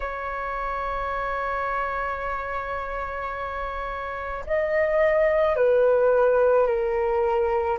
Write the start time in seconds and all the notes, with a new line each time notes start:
0.00 C#5
4.46 D#5
5.56 B4
6.67 A#4